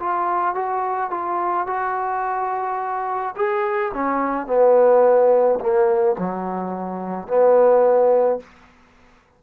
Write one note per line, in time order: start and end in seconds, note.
0.00 0.55 F4
0.55 1.11 F#4
1.11 1.67 F4
1.67 3.35 F#4
3.36 3.93 G#4
3.94 4.47 C#4
4.47 5.59 B3
5.60 6.16 A#3
6.19 7.28 F#3
7.28 8.40 B3